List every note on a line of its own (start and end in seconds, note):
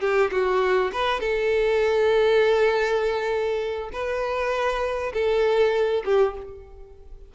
0.00 0.30 G4
0.31 0.91 F#4
0.92 1.20 B4
1.20 3.90 A4
3.92 5.12 B4
5.13 6.03 A4
6.05 6.35 G4